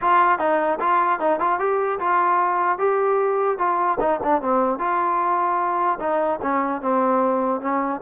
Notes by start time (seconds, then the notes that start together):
0.01 F4
0.39 D#4
0.80 F4
1.19 D#4
1.39 F4
1.59 G4
1.99 F4
2.78 G4
3.58 F4
4.00 D#4
4.23 D4
4.41 C4
4.78 F4
5.99 D#4
6.42 C#4
6.81 C4
7.60 C#4